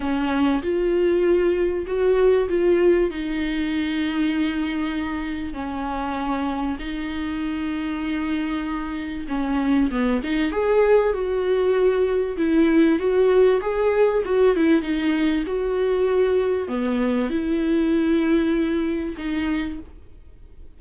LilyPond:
\new Staff \with { instrumentName = "viola" } { \time 4/4 \tempo 4 = 97 cis'4 f'2 fis'4 | f'4 dis'2.~ | dis'4 cis'2 dis'4~ | dis'2. cis'4 |
b8 dis'8 gis'4 fis'2 | e'4 fis'4 gis'4 fis'8 e'8 | dis'4 fis'2 b4 | e'2. dis'4 | }